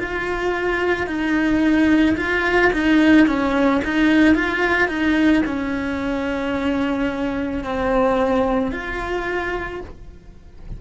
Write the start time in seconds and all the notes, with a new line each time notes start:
0.00 F4
1.08 D#4
2.18 F4
2.73 D#4
3.27 C#4
3.85 D#4
4.35 F4
4.88 D#4
5.46 C#4
7.64 C4
8.72 F4